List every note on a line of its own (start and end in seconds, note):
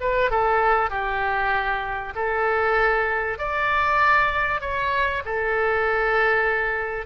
0.00 0.30 B4
0.30 0.90 A4
0.90 2.13 G4
2.15 3.38 A4
3.38 4.61 D5
4.61 5.23 C#5
5.25 7.06 A4